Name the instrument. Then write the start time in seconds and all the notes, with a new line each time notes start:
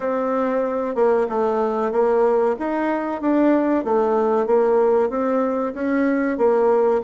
bassoon
0.00 C4
0.95 A#3
1.29 A3
1.91 A#3
2.59 D#4
3.21 D4
3.84 A3
4.46 A#3
5.09 C4
5.74 C#4
6.37 A#3